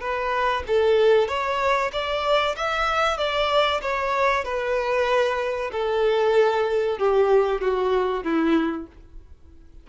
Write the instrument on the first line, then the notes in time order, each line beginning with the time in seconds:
violin
0.00 B4
0.67 A4
1.28 C#5
1.92 D5
2.56 E5
3.18 D5
3.82 C#5
4.44 B4
5.72 A4
6.98 G4
7.61 F#4
8.23 E4